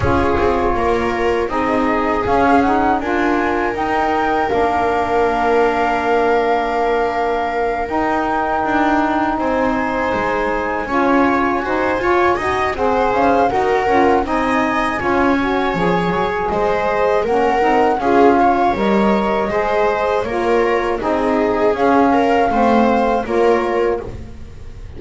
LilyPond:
<<
  \new Staff \with { instrumentName = "flute" } { \time 4/4 \tempo 4 = 80 cis''2 dis''4 f''8 fis''8 | gis''4 g''4 f''2~ | f''2~ f''8 g''4.~ | g''8 gis''2.~ gis''8~ |
gis''4 fis''8 f''8 fis''4 gis''4~ | gis''2 dis''4 fis''4 | f''4 dis''2 cis''4 | dis''4 f''2 cis''4 | }
  \new Staff \with { instrumentName = "viola" } { \time 4/4 gis'4 ais'4 gis'2 | ais'1~ | ais'1~ | ais'8 c''2 cis''4 c''8 |
cis''8 dis''8 c''4 ais'4 dis''4 | cis''2 c''4 ais'4 | gis'8 cis''4. c''4 ais'4 | gis'4. ais'8 c''4 ais'4 | }
  \new Staff \with { instrumentName = "saxophone" } { \time 4/4 f'2 dis'4 cis'8 dis'8 | f'4 dis'4 d'2~ | d'2~ d'8 dis'4.~ | dis'2~ dis'8 f'4 dis'8 |
f'8 fis'8 gis'4 fis'8 f'8 dis'4 | f'8 fis'8 gis'2 cis'8 dis'8 | f'4 ais'4 gis'4 f'4 | dis'4 cis'4 c'4 f'4 | }
  \new Staff \with { instrumentName = "double bass" } { \time 4/4 cis'8 c'8 ais4 c'4 cis'4 | d'4 dis'4 ais2~ | ais2~ ais8 dis'4 d'8~ | d'8 c'4 gis4 cis'4 fis'8 |
f'8 dis'8 c'8 cis'8 dis'8 cis'8 c'4 | cis'4 f8 fis8 gis4 ais8 c'8 | cis'4 g4 gis4 ais4 | c'4 cis'4 a4 ais4 | }
>>